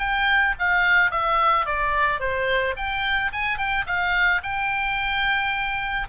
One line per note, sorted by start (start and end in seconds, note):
0.00 0.55 G5
0.60 1.12 F5
1.12 1.66 E5
1.66 2.20 D5
2.20 2.75 C5
2.77 3.32 G5
3.33 3.58 G#5
3.58 3.86 G5
3.87 4.42 F5
4.43 6.09 G5